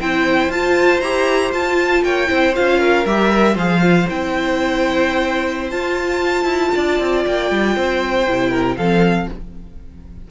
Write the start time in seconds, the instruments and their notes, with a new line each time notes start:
0.00 cello C4, viola E4, violin C5 G5
0.48 cello F4, viola F4, violin A5
1.01 cello E4, viola G4, violin A#5
1.52 cello F4, viola F4, violin A5
2.04 cello A#3, violin C#5 G5
2.27 cello C4, viola E4, violin C5
2.55 cello C#4, viola F4, violin F5
2.80 violin A#4
3.06 cello G3, viola G4, violin E5
3.31 viola A#4
3.54 cello F3, viola G#4, violin C5 F5
3.81 viola F4
4.07 cello C4, viola E4, violin G5
5.71 viola F4, cello F4, violin A5
6.45 cello E4
6.75 cello D4, violin D5
7.00 cello C4
7.27 cello A#3, violin G5
7.51 cello G3
7.76 cello C4, violin C5
8.27 cello C3, viola E4
8.50 violin A#4
8.77 cello F3, viola C4, violin A4 F5